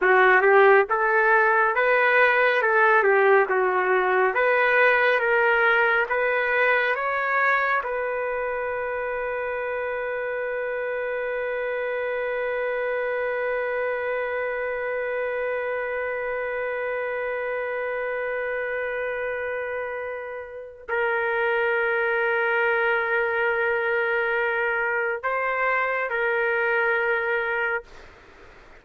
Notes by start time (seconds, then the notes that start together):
0.01 F#4
0.41 G4
0.89 A4
1.75 B4
2.61 A4
3.03 G4
3.49 F#4
4.34 B4
5.19 A#4
6.09 B4
6.95 C#5
7.83 B4
20.89 A#4
25.23 C5
26.09 A#4